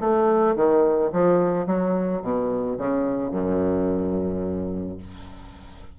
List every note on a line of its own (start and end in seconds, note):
0.00 0.55 A3
0.55 1.11 D#3
1.12 1.66 F3
1.66 2.22 F#3
2.22 2.77 B2
2.78 3.31 C#3
3.31 4.98 F#2